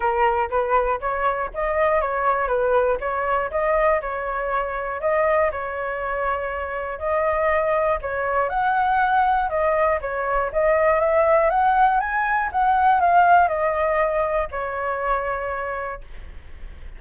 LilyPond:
\new Staff \with { instrumentName = "flute" } { \time 4/4 \tempo 4 = 120 ais'4 b'4 cis''4 dis''4 | cis''4 b'4 cis''4 dis''4 | cis''2 dis''4 cis''4~ | cis''2 dis''2 |
cis''4 fis''2 dis''4 | cis''4 dis''4 e''4 fis''4 | gis''4 fis''4 f''4 dis''4~ | dis''4 cis''2. | }